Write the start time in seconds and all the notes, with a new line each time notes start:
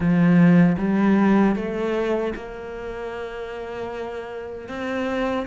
0.00 F3
0.78 G3
1.55 A3
2.35 A#3
4.68 C4